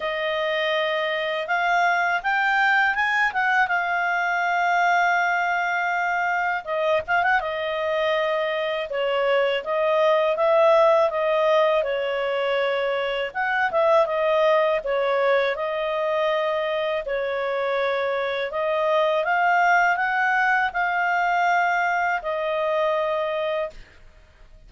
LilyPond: \new Staff \with { instrumentName = "clarinet" } { \time 4/4 \tempo 4 = 81 dis''2 f''4 g''4 | gis''8 fis''8 f''2.~ | f''4 dis''8 f''16 fis''16 dis''2 | cis''4 dis''4 e''4 dis''4 |
cis''2 fis''8 e''8 dis''4 | cis''4 dis''2 cis''4~ | cis''4 dis''4 f''4 fis''4 | f''2 dis''2 | }